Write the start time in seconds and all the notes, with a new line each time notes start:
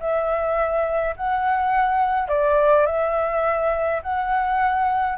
0.00 E5
1.17 F#5
2.29 D5
2.86 E5
4.03 F#5